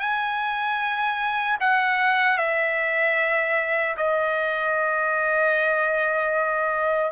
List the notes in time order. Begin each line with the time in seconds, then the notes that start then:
0.00 G#5
1.60 F#5
2.38 E5
3.97 D#5